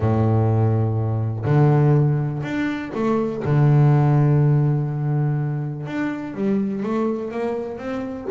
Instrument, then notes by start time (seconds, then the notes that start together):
double bass
0.00 A2
1.44 D3
2.43 D4
2.94 A3
3.44 D3
5.86 D4
6.34 G3
6.82 A3
7.31 A#3
7.78 C4